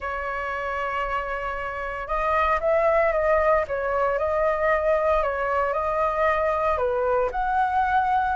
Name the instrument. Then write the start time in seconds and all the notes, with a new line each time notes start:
flute
0.00 C#5
2.07 D#5
2.60 E5
3.12 D#5
3.67 C#5
4.18 D#5
5.22 C#5
5.73 D#5
6.77 B4
7.31 F#5